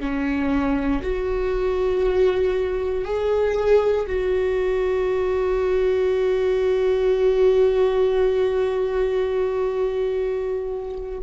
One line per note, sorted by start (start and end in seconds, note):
0.00 1.02 C#4
1.02 3.04 F#4
3.04 4.06 G#4
4.06 11.18 F#4